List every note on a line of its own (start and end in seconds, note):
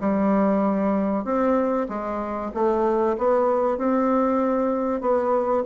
0.00 1.24 G3
1.24 1.87 C4
1.89 2.51 G#3
2.54 3.16 A3
3.18 3.78 B3
3.78 5.01 C4
5.01 5.63 B3